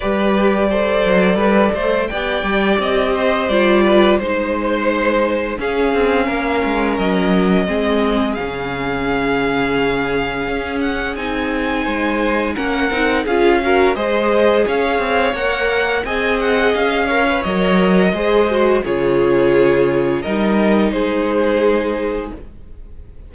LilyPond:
<<
  \new Staff \with { instrumentName = "violin" } { \time 4/4 \tempo 4 = 86 d''2. g''4 | dis''4 d''4 c''2 | f''2 dis''2 | f''2.~ f''8 fis''8 |
gis''2 fis''4 f''4 | dis''4 f''4 fis''4 gis''8 fis''8 | f''4 dis''2 cis''4~ | cis''4 dis''4 c''2 | }
  \new Staff \with { instrumentName = "violin" } { \time 4/4 b'4 c''4 b'8 c''8 d''4~ | d''8 c''4 b'8 c''2 | gis'4 ais'2 gis'4~ | gis'1~ |
gis'4 c''4 ais'4 gis'8 ais'8 | c''4 cis''2 dis''4~ | dis''8 cis''4. c''4 gis'4~ | gis'4 ais'4 gis'2 | }
  \new Staff \with { instrumentName = "viola" } { \time 4/4 g'4 a'2 g'4~ | g'4 f'4 dis'2 | cis'2. c'4 | cis'1 |
dis'2 cis'8 dis'8 f'8 fis'8 | gis'2 ais'4 gis'4~ | gis'8 ais'16 b'16 ais'4 gis'8 fis'8 f'4~ | f'4 dis'2. | }
  \new Staff \with { instrumentName = "cello" } { \time 4/4 g4. fis8 g8 a8 b8 g8 | c'4 g4 gis2 | cis'8 c'8 ais8 gis8 fis4 gis4 | cis2. cis'4 |
c'4 gis4 ais8 c'8 cis'4 | gis4 cis'8 c'8 ais4 c'4 | cis'4 fis4 gis4 cis4~ | cis4 g4 gis2 | }
>>